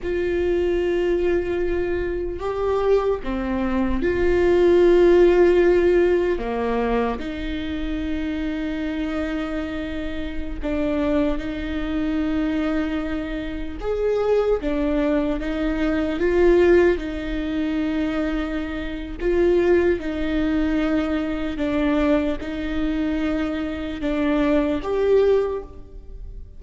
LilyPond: \new Staff \with { instrumentName = "viola" } { \time 4/4 \tempo 4 = 75 f'2. g'4 | c'4 f'2. | ais4 dis'2.~ | dis'4~ dis'16 d'4 dis'4.~ dis'16~ |
dis'4~ dis'16 gis'4 d'4 dis'8.~ | dis'16 f'4 dis'2~ dis'8. | f'4 dis'2 d'4 | dis'2 d'4 g'4 | }